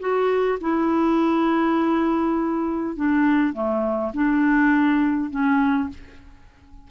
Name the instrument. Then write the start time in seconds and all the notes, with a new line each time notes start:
clarinet
0.00 F#4
0.61 E4
2.96 D4
3.53 A3
4.14 D4
5.30 C#4